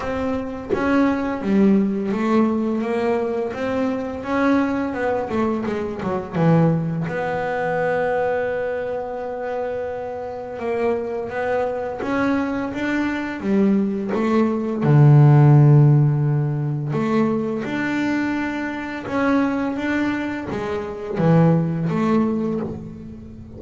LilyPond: \new Staff \with { instrumentName = "double bass" } { \time 4/4 \tempo 4 = 85 c'4 cis'4 g4 a4 | ais4 c'4 cis'4 b8 a8 | gis8 fis8 e4 b2~ | b2. ais4 |
b4 cis'4 d'4 g4 | a4 d2. | a4 d'2 cis'4 | d'4 gis4 e4 a4 | }